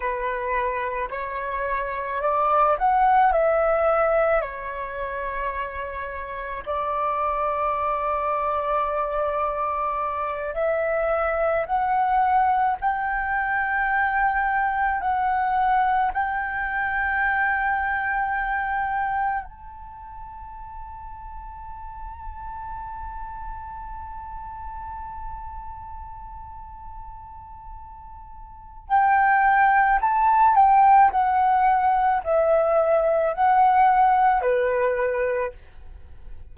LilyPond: \new Staff \with { instrumentName = "flute" } { \time 4/4 \tempo 4 = 54 b'4 cis''4 d''8 fis''8 e''4 | cis''2 d''2~ | d''4. e''4 fis''4 g''8~ | g''4. fis''4 g''4.~ |
g''4. a''2~ a''8~ | a''1~ | a''2 g''4 a''8 g''8 | fis''4 e''4 fis''4 b'4 | }